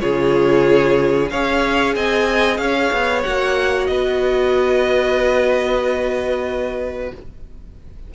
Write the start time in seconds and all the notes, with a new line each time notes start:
0.00 C#3 F4 G#4 C#5
1.30 C#4 G#4 C#5 F5
1.96 C4 D#5 G#5
2.57 C#4 C#5 F5
2.92 B3
3.22 A#3 F#4 F#5
3.86 B3 B4 D#5